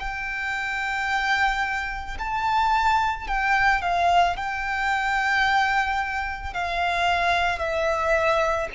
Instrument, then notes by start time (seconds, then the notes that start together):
violin
0.00 G5
2.19 A5
3.28 G5
3.82 F5
4.37 G5
6.54 F5
7.59 E5